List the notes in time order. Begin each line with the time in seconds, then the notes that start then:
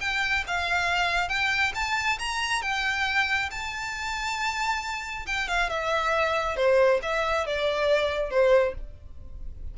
0.00 G5
0.47 F5
1.29 G5
1.75 A5
2.19 A#5
2.62 G5
3.51 A5
5.26 G5
5.48 F5
5.69 E5
6.56 C5
7.02 E5
7.46 D5
8.30 C5